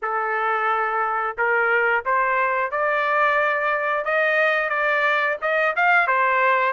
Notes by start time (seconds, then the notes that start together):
0.02 A4
1.37 A#4
2.05 C5
2.71 D5
4.04 D#5
4.69 D5
5.41 D#5
5.75 F5
6.07 C5